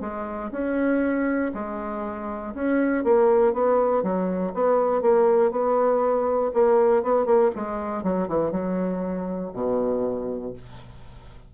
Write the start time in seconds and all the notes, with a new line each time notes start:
0.00 G#3
0.51 C#4
1.54 G#3
2.54 C#4
3.04 A#3
3.53 B3
4.02 F#3
4.53 B3
5.01 A#3
5.51 B3
6.53 A#3
7.02 B3
7.25 A#3
7.55 G#3
8.03 F#3
8.28 E3
8.51 F#3
9.53 B2